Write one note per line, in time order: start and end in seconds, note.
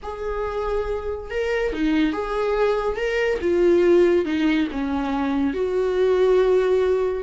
0.03 1.30 G#4
1.30 1.73 A#4
1.73 2.12 D#4
2.12 2.96 G#4
2.96 3.38 A#4
3.41 4.25 F4
4.25 4.67 D#4
4.71 5.53 C#4
5.53 7.23 F#4